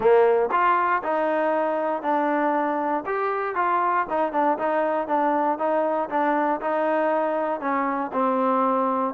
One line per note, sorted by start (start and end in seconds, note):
0.00 0.49 A#3
0.51 1.02 F4
1.03 2.02 D#4
2.02 3.03 D4
3.06 3.55 G4
3.55 4.06 F4
4.09 4.32 D#4
4.32 4.57 D4
4.58 5.07 D#4
5.07 5.58 D4
5.58 6.09 D#4
6.09 6.60 D4
6.61 7.60 D#4
7.60 8.11 C#4
8.12 9.14 C4